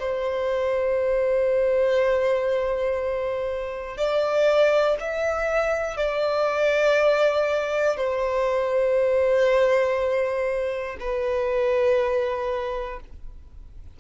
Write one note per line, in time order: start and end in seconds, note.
0.00 3.98 C5
3.98 4.98 D5
5.00 5.97 E5
5.97 7.97 D5
7.97 10.97 C5
11.00 13.00 B4